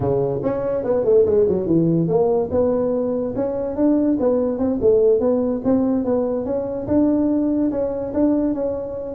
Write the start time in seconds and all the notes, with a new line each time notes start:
0.00 C#3
0.43 C#4
0.84 B3
1.04 A3
1.25 G#3
1.48 F#3
1.66 E3
2.08 A#3
2.51 B3
3.35 C#4
3.76 D4
4.19 B3
4.58 C4
4.81 A3
5.20 B3
5.64 C4
6.05 B3
6.45 C#4
6.87 D4
7.71 C#4
8.13 D4
8.54 C#4